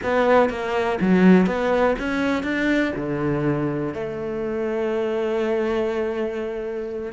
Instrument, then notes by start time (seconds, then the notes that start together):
cello
0.03 B3
0.49 A#3
1.01 F#3
1.46 B3
1.98 C#4
2.43 D4
2.96 D3
3.93 A3